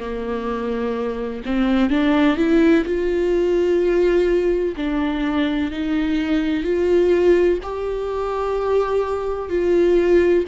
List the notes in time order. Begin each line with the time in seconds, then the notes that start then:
0.00 A#3
1.46 C4
1.90 D4
2.37 E4
2.85 F4
4.77 D4
5.72 D#4
6.64 F4
7.63 G4
9.50 F4